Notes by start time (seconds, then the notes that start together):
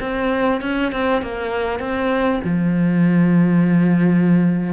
0.00 C4
0.61 C#4
0.92 C4
1.22 A#3
1.79 C4
2.44 F3